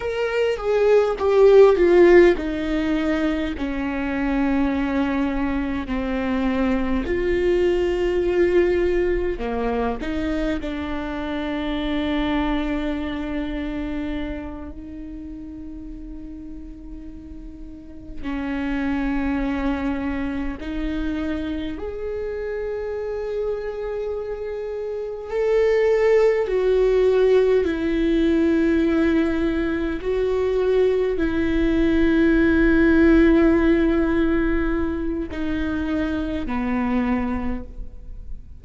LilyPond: \new Staff \with { instrumentName = "viola" } { \time 4/4 \tempo 4 = 51 ais'8 gis'8 g'8 f'8 dis'4 cis'4~ | cis'4 c'4 f'2 | ais8 dis'8 d'2.~ | d'8 dis'2. cis'8~ |
cis'4. dis'4 gis'4.~ | gis'4. a'4 fis'4 e'8~ | e'4. fis'4 e'4.~ | e'2 dis'4 b4 | }